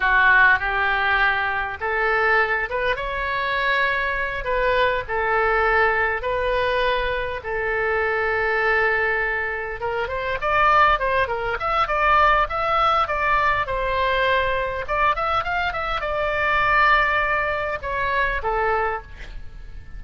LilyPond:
\new Staff \with { instrumentName = "oboe" } { \time 4/4 \tempo 4 = 101 fis'4 g'2 a'4~ | a'8 b'8 cis''2~ cis''8 b'8~ | b'8 a'2 b'4.~ | b'8 a'2.~ a'8~ |
a'8 ais'8 c''8 d''4 c''8 ais'8 e''8 | d''4 e''4 d''4 c''4~ | c''4 d''8 e''8 f''8 e''8 d''4~ | d''2 cis''4 a'4 | }